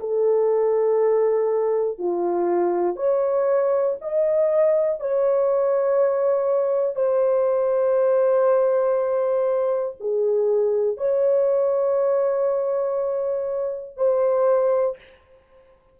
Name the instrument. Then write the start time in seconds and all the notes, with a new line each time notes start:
horn
0.00 A4
1.98 F4
2.96 C#5
4.01 D#5
5.00 C#5
6.95 C5
10.00 G#4
10.97 C#5
13.96 C5